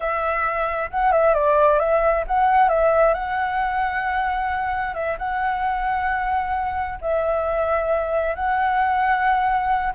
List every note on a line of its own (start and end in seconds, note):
0.00 0.90 E5
0.90 1.12 F#5
1.12 1.33 E5
1.33 1.79 D5
1.79 2.24 E5
2.27 2.68 F#5
2.68 3.14 E5
3.14 4.94 F#5
4.94 5.17 E5
5.18 6.99 F#5
7.01 8.35 E5
8.35 9.93 F#5